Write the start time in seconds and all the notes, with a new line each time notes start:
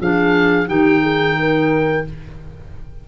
0.00 F3 D4 G#4 F5
0.67 D#3 D#4 G4 G5
1.02 G#4
1.40 A#4